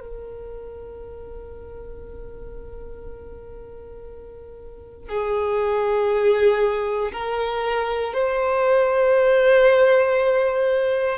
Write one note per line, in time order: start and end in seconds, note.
0.00 5.08 A#4
5.08 7.12 G#4
7.12 8.14 A#4
8.14 11.18 C5